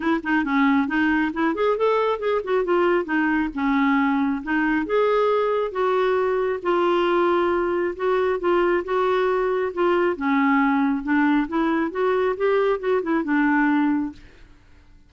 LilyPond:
\new Staff \with { instrumentName = "clarinet" } { \time 4/4 \tempo 4 = 136 e'8 dis'8 cis'4 dis'4 e'8 gis'8 | a'4 gis'8 fis'8 f'4 dis'4 | cis'2 dis'4 gis'4~ | gis'4 fis'2 f'4~ |
f'2 fis'4 f'4 | fis'2 f'4 cis'4~ | cis'4 d'4 e'4 fis'4 | g'4 fis'8 e'8 d'2 | }